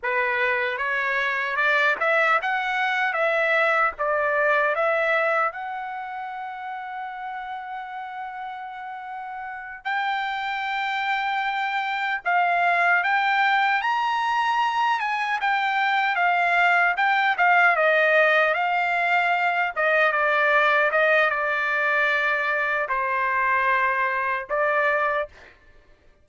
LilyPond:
\new Staff \with { instrumentName = "trumpet" } { \time 4/4 \tempo 4 = 76 b'4 cis''4 d''8 e''8 fis''4 | e''4 d''4 e''4 fis''4~ | fis''1~ | fis''8 g''2. f''8~ |
f''8 g''4 ais''4. gis''8 g''8~ | g''8 f''4 g''8 f''8 dis''4 f''8~ | f''4 dis''8 d''4 dis''8 d''4~ | d''4 c''2 d''4 | }